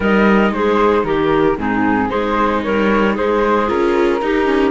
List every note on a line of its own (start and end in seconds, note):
0.00 0.50 G3
0.00 1.57 D#4
0.00 0.53 A#4
0.00 0.53 D#5
0.50 1.03 G#3
0.50 1.04 G#4
0.50 1.04 C5
1.03 1.56 D#3
1.03 1.57 G4
1.03 1.57 A#4
1.57 2.09 G#2
1.57 2.09 C4
1.57 2.09 D#4
1.57 2.10 G#4
2.09 2.65 G#3
2.09 3.67 D#4
2.09 2.61 G#4
2.09 2.62 C5
2.62 3.18 G3
2.62 3.14 A#4
2.62 3.15 C#5
3.14 3.70 G#3
3.14 4.20 G#4
3.14 3.69 C5
3.67 4.21 C#4
3.67 4.20 F4
3.67 4.71 A#4
4.21 4.44 D#4
4.21 4.71 D#4
4.21 4.71 G4
4.44 4.71 C#4